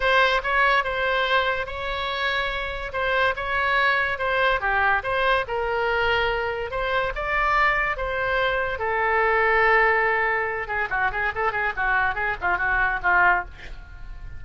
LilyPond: \new Staff \with { instrumentName = "oboe" } { \time 4/4 \tempo 4 = 143 c''4 cis''4 c''2 | cis''2. c''4 | cis''2 c''4 g'4 | c''4 ais'2. |
c''4 d''2 c''4~ | c''4 a'2.~ | a'4. gis'8 fis'8 gis'8 a'8 gis'8 | fis'4 gis'8 f'8 fis'4 f'4 | }